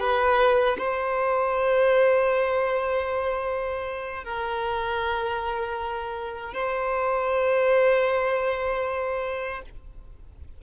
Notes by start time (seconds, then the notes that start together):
0.00 B4
0.78 C5
4.24 A#4
6.54 C5